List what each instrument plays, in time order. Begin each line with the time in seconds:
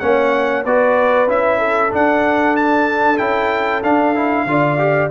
0.00 tuba A#3, trombone C#4, horn C#5, trumpet F#5
0.65 tuba B3, trombone F#4, horn B4, trumpet D5
1.28 tuba C#4, trombone E4, trumpet E5
1.59 horn A4
1.90 trombone D4, tuba D4, trumpet F#5
2.57 trumpet A5
3.18 tuba C#4, trombone E4, trumpet G5
3.84 trombone D4, tuba D4, trumpet F5
4.16 trombone E4
4.46 tuba D3, trombone F4, horn D5
4.79 trombone G4